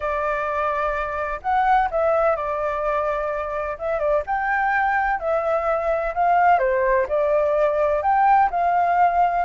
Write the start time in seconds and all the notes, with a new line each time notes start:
0.00 D5
1.42 F#5
1.90 E5
2.36 D5
3.78 E5
3.99 D5
4.26 G5
5.19 E5
6.14 F5
6.59 C5
7.08 D5
8.02 G5
8.50 F5